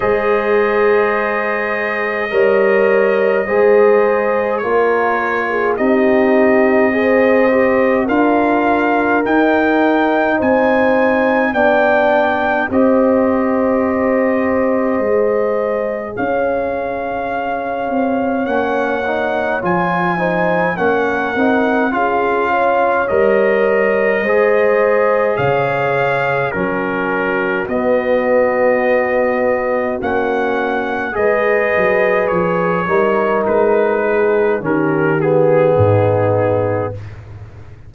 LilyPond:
<<
  \new Staff \with { instrumentName = "trumpet" } { \time 4/4 \tempo 4 = 52 dis''1 | cis''4 dis''2 f''4 | g''4 gis''4 g''4 dis''4~ | dis''2 f''2 |
fis''4 gis''4 fis''4 f''4 | dis''2 f''4 ais'4 | dis''2 fis''4 dis''4 | cis''4 b'4 ais'8 gis'4. | }
  \new Staff \with { instrumentName = "horn" } { \time 4/4 c''2 cis''4 c''4 | ais'8. gis'16 g'4 c''4 ais'4~ | ais'4 c''4 d''4 c''4~ | c''2 cis''2~ |
cis''4. c''8 ais'4 gis'8 cis''8~ | cis''4 c''4 cis''4 fis'4~ | fis'2. b'4~ | b'8 ais'4 gis'8 g'4 dis'4 | }
  \new Staff \with { instrumentName = "trombone" } { \time 4/4 gis'2 ais'4 gis'4 | f'4 dis'4 gis'8 g'8 f'4 | dis'2 d'4 g'4~ | g'4 gis'2. |
cis'8 dis'8 f'8 dis'8 cis'8 dis'8 f'4 | ais'4 gis'2 cis'4 | b2 cis'4 gis'4~ | gis'8 dis'4. cis'8 b4. | }
  \new Staff \with { instrumentName = "tuba" } { \time 4/4 gis2 g4 gis4 | ais4 c'2 d'4 | dis'4 c'4 b4 c'4~ | c'4 gis4 cis'4. c'8 |
ais4 f4 ais8 c'8 cis'4 | g4 gis4 cis4 fis4 | b2 ais4 gis8 fis8 | f8 g8 gis4 dis4 gis,4 | }
>>